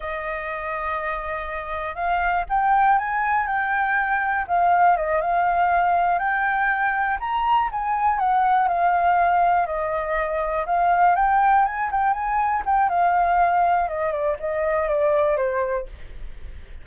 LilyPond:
\new Staff \with { instrumentName = "flute" } { \time 4/4 \tempo 4 = 121 dis''1 | f''4 g''4 gis''4 g''4~ | g''4 f''4 dis''8 f''4.~ | f''8 g''2 ais''4 gis''8~ |
gis''8 fis''4 f''2 dis''8~ | dis''4. f''4 g''4 gis''8 | g''8 gis''4 g''8 f''2 | dis''8 d''8 dis''4 d''4 c''4 | }